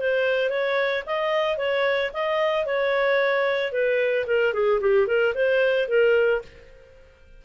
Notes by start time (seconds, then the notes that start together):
0.00 C5
0.50 C#5
1.06 D#5
1.58 C#5
2.14 D#5
2.66 C#5
3.73 B4
4.27 A#4
4.54 G#4
4.81 G4
5.07 A#4
5.35 C5
5.89 A#4